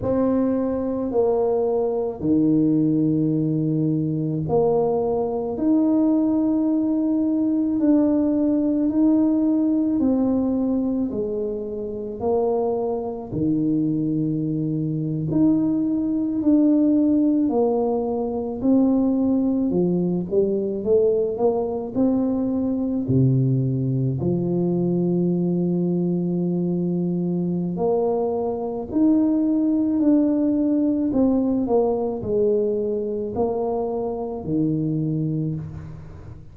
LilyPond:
\new Staff \with { instrumentName = "tuba" } { \time 4/4 \tempo 4 = 54 c'4 ais4 dis2 | ais4 dis'2 d'4 | dis'4 c'4 gis4 ais4 | dis4.~ dis16 dis'4 d'4 ais16~ |
ais8. c'4 f8 g8 a8 ais8 c'16~ | c'8. c4 f2~ f16~ | f4 ais4 dis'4 d'4 | c'8 ais8 gis4 ais4 dis4 | }